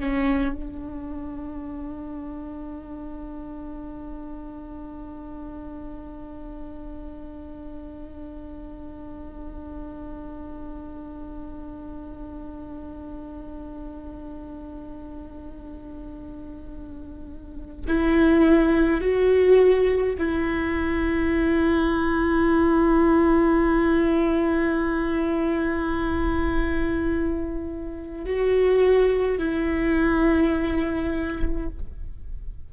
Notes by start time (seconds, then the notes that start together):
0.00 C#4
0.56 D4
17.88 E4
19.01 F#4
20.18 E4
28.26 F#4
29.39 E4